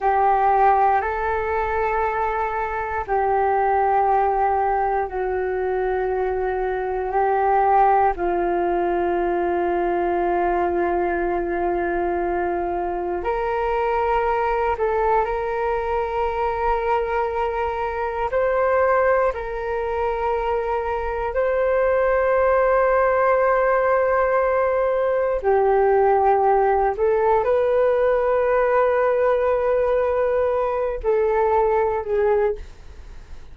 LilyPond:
\new Staff \with { instrumentName = "flute" } { \time 4/4 \tempo 4 = 59 g'4 a'2 g'4~ | g'4 fis'2 g'4 | f'1~ | f'4 ais'4. a'8 ais'4~ |
ais'2 c''4 ais'4~ | ais'4 c''2.~ | c''4 g'4. a'8 b'4~ | b'2~ b'8 a'4 gis'8 | }